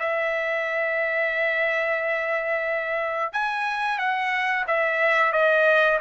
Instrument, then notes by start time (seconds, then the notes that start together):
trumpet
0.00 E5
3.33 G#5
3.99 F#5
4.68 E5
5.33 D#5